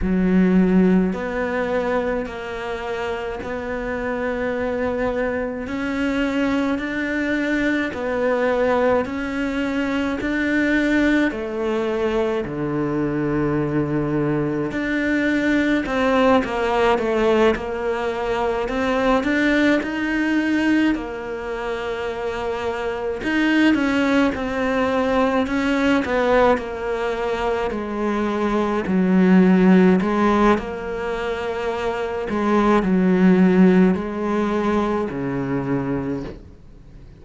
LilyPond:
\new Staff \with { instrumentName = "cello" } { \time 4/4 \tempo 4 = 53 fis4 b4 ais4 b4~ | b4 cis'4 d'4 b4 | cis'4 d'4 a4 d4~ | d4 d'4 c'8 ais8 a8 ais8~ |
ais8 c'8 d'8 dis'4 ais4.~ | ais8 dis'8 cis'8 c'4 cis'8 b8 ais8~ | ais8 gis4 fis4 gis8 ais4~ | ais8 gis8 fis4 gis4 cis4 | }